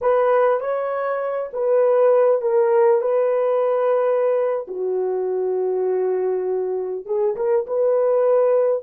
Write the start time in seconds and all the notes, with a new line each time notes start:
0.01 B4
0.60 C#5
1.53 B4
2.41 A#4
3.01 B4
4.67 F#4
7.05 G#4
7.36 A#4
7.66 B4